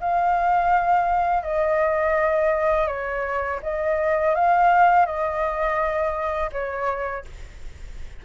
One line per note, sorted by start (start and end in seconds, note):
0.00 1.43 F5
1.43 2.87 D#5
2.87 3.59 C#5
3.62 4.35 D#5
4.35 5.05 F5
5.05 6.50 D#5
6.52 7.24 C#5